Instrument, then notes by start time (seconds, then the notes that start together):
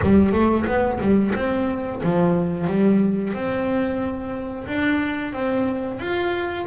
double bass
0.02 G3
0.32 A3
0.65 B3
1.00 G3
1.35 C4
2.03 F3
2.67 G3
3.33 C4
4.67 D4
5.32 C4
5.99 F4